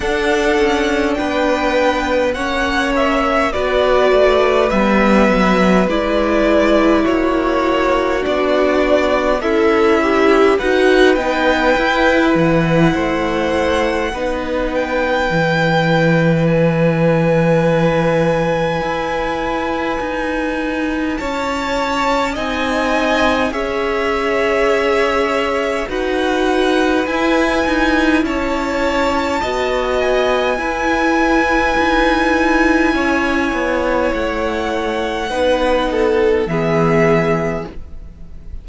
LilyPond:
<<
  \new Staff \with { instrumentName = "violin" } { \time 4/4 \tempo 4 = 51 fis''4 g''4 fis''8 e''8 d''4 | e''4 d''4 cis''4 d''4 | e''4 fis''8 g''4 fis''4.~ | fis''8 g''4. gis''2~ |
gis''2 a''4 gis''4 | e''2 fis''4 gis''4 | a''4. gis''2~ gis''8~ | gis''4 fis''2 e''4 | }
  \new Staff \with { instrumentName = "violin" } { \time 4/4 a'4 b'4 cis''4 b'4~ | b'2 fis'2 | e'4 b'2 c''4 | b'1~ |
b'2 cis''4 dis''4 | cis''2 b'2 | cis''4 dis''4 b'2 | cis''2 b'8 a'8 gis'4 | }
  \new Staff \with { instrumentName = "viola" } { \time 4/4 d'2 cis'4 fis'4 | b4 e'2 d'4 | a'8 g'8 fis'8 dis'8 e'2 | dis'4 e'2.~ |
e'2. dis'4 | gis'2 fis'4 e'4~ | e'4 fis'4 e'2~ | e'2 dis'4 b4 | }
  \new Staff \with { instrumentName = "cello" } { \time 4/4 d'8 cis'8 b4 ais4 b8 a8 | g8 fis8 gis4 ais4 b4 | cis'4 dis'8 b8 e'8 e8 a4 | b4 e2. |
e'4 dis'4 cis'4 c'4 | cis'2 dis'4 e'8 dis'8 | cis'4 b4 e'4 dis'4 | cis'8 b8 a4 b4 e4 | }
>>